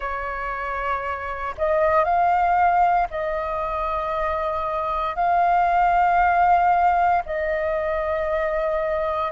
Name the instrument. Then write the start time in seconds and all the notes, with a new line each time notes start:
flute
0.00 C#5
1.58 D#5
2.04 F5
3.10 D#5
5.15 F5
7.25 D#5